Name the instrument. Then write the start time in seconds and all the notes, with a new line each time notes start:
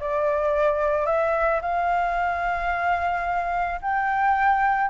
flute
0.00 D5
1.06 E5
1.62 F5
3.82 G5